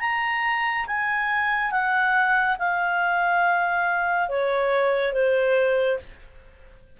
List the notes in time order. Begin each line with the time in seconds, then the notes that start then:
0.00 A#5
0.87 G#5
1.71 F#5
2.59 F5
4.29 C#5
5.13 C5